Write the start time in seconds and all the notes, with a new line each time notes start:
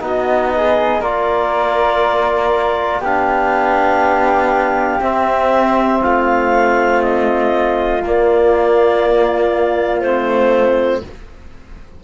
0.00 B3 D#4 F#4 D#5
0.57 G#4
1.01 A#3 F4 A#4 D5
3.00 B3 D4 G4 F5
5.01 C4 E5
6.01 A3 F4 F5
7.03 D#5
8.04 A#3 D5
10.01 A3 C4 C5